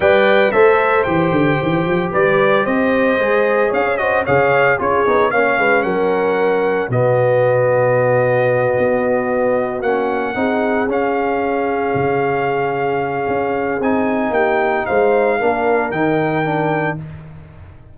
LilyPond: <<
  \new Staff \with { instrumentName = "trumpet" } { \time 4/4 \tempo 4 = 113 g''4 e''4 g''2 | d''4 dis''2 f''8 dis''8 | f''4 cis''4 f''4 fis''4~ | fis''4 dis''2.~ |
dis''2~ dis''8 fis''4.~ | fis''8 f''2.~ f''8~ | f''2 gis''4 g''4 | f''2 g''2 | }
  \new Staff \with { instrumentName = "horn" } { \time 4/4 d''4 c''2. | b'4 c''2 cis''8 c''8 | cis''4 gis'4 cis''8 b'8 ais'4~ | ais'4 fis'2.~ |
fis'2.~ fis'8 gis'8~ | gis'1~ | gis'2. g'4 | c''4 ais'2. | }
  \new Staff \with { instrumentName = "trombone" } { \time 4/4 b'4 a'4 g'2~ | g'2 gis'4. fis'8 | gis'4 f'8 dis'8 cis'2~ | cis'4 b2.~ |
b2~ b8 cis'4 dis'8~ | dis'8 cis'2.~ cis'8~ | cis'2 dis'2~ | dis'4 d'4 dis'4 d'4 | }
  \new Staff \with { instrumentName = "tuba" } { \time 4/4 g4 a4 e8 d8 e8 f8 | g4 c'4 gis4 cis'4 | cis4 cis'8 b8 ais8 gis8 fis4~ | fis4 b,2.~ |
b,8 b2 ais4 c'8~ | c'8 cis'2 cis4.~ | cis4 cis'4 c'4 ais4 | gis4 ais4 dis2 | }
>>